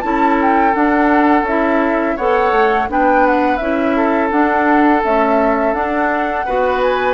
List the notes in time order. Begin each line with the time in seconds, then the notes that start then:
0.00 C#4 E4 A4 A5
0.41 G5
0.73 D4 F#5
1.42 C#4 E4 E5
2.16 B3 A4 C#5 F#5
2.51 A3
2.88 B3 D4 B4 G5
3.26 F#5
3.56 C#4 E4 E5
3.96 A4
4.30 D4 F#5
5.03 A3 C#4 E5
5.73 D4 F#5
6.45 B3 F#4 B4
6.82 G#5